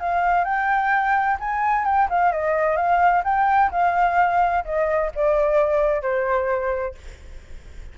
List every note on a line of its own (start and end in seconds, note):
0.00 0.44 F5
0.44 1.37 G5
1.39 1.85 G#5
1.85 2.08 G5
2.10 2.32 F5
2.32 2.76 D#5
2.76 3.23 F5
3.24 3.70 G5
3.71 4.64 F5
4.64 5.11 D#5
5.15 6.02 D5
6.02 6.95 C5